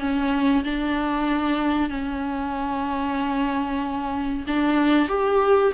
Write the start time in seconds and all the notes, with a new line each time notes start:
0.00 C#4
0.64 D4
1.90 C#4
4.47 D4
5.09 G4